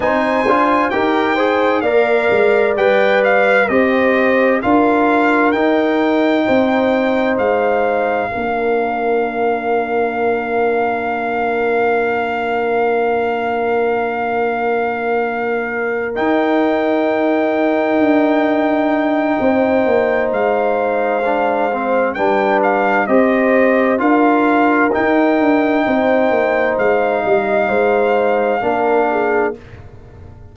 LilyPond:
<<
  \new Staff \with { instrumentName = "trumpet" } { \time 4/4 \tempo 4 = 65 gis''4 g''4 f''4 g''8 f''8 | dis''4 f''4 g''2 | f''1~ | f''1~ |
f''4. g''2~ g''8~ | g''2 f''2 | g''8 f''8 dis''4 f''4 g''4~ | g''4 f''2. | }
  \new Staff \with { instrumentName = "horn" } { \time 4/4 c''4 ais'8 c''8 d''2 | c''4 ais'2 c''4~ | c''4 ais'2.~ | ais'1~ |
ais'1~ | ais'4 c''2. | b'4 c''4 ais'2 | c''4. dis''8 c''4 ais'8 gis'8 | }
  \new Staff \with { instrumentName = "trombone" } { \time 4/4 dis'8 f'8 g'8 gis'8 ais'4 b'4 | g'4 f'4 dis'2~ | dis'4 d'2.~ | d'1~ |
d'4. dis'2~ dis'8~ | dis'2. d'8 c'8 | d'4 g'4 f'4 dis'4~ | dis'2. d'4 | }
  \new Staff \with { instrumentName = "tuba" } { \time 4/4 c'8 d'8 dis'4 ais8 gis8 g4 | c'4 d'4 dis'4 c'4 | gis4 ais2.~ | ais1~ |
ais4. dis'2 d'8~ | d'4 c'8 ais8 gis2 | g4 c'4 d'4 dis'8 d'8 | c'8 ais8 gis8 g8 gis4 ais4 | }
>>